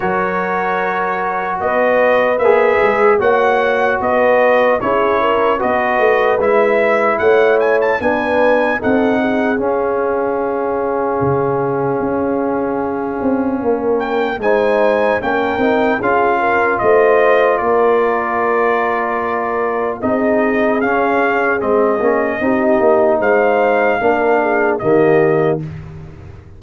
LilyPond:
<<
  \new Staff \with { instrumentName = "trumpet" } { \time 4/4 \tempo 4 = 75 cis''2 dis''4 e''4 | fis''4 dis''4 cis''4 dis''4 | e''4 fis''8 gis''16 a''16 gis''4 fis''4 | f''1~ |
f''4. g''8 gis''4 g''4 | f''4 dis''4 d''2~ | d''4 dis''4 f''4 dis''4~ | dis''4 f''2 dis''4 | }
  \new Staff \with { instrumentName = "horn" } { \time 4/4 ais'2 b'2 | cis''4 b'4 gis'8 ais'8 b'4~ | b'4 cis''4 b'4 a'8 gis'8~ | gis'1~ |
gis'4 ais'4 c''4 ais'4 | gis'8 ais'8 c''4 ais'2~ | ais'4 gis'2. | g'4 c''4 ais'8 gis'8 g'4 | }
  \new Staff \with { instrumentName = "trombone" } { \time 4/4 fis'2. gis'4 | fis'2 e'4 fis'4 | e'2 d'4 dis'4 | cis'1~ |
cis'2 dis'4 cis'8 dis'8 | f'1~ | f'4 dis'4 cis'4 c'8 cis'8 | dis'2 d'4 ais4 | }
  \new Staff \with { instrumentName = "tuba" } { \time 4/4 fis2 b4 ais8 gis8 | ais4 b4 cis'4 b8 a8 | gis4 a4 b4 c'4 | cis'2 cis4 cis'4~ |
cis'8 c'8 ais4 gis4 ais8 c'8 | cis'4 a4 ais2~ | ais4 c'4 cis'4 gis8 ais8 | c'8 ais8 gis4 ais4 dis4 | }
>>